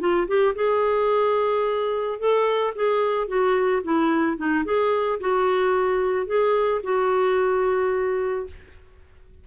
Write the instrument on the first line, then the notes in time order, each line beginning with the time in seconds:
clarinet
0.00 F4
0.28 G4
0.56 G#4
2.19 A4
2.75 G#4
3.28 F#4
3.83 E4
4.37 D#4
4.65 G#4
5.20 F#4
6.27 G#4
6.83 F#4